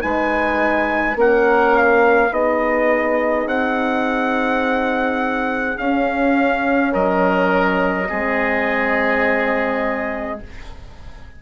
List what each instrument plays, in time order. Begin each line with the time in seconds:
0.00 bassoon G#3, horn D#4, oboe B4, trumpet G#5
1.14 bassoon A#3, horn C#4, oboe A#4, trumpet F#5
1.75 trumpet F5
2.30 bassoon B3, horn D#4, oboe G#4, trumpet D#5
3.46 bassoon C4, trumpet F#5
5.76 horn C#4, bassoon C#4, trumpet F5
6.92 bassoon F#3, oboe A#4, trumpet D#5
8.08 bassoon G#3, horn C4, oboe G#4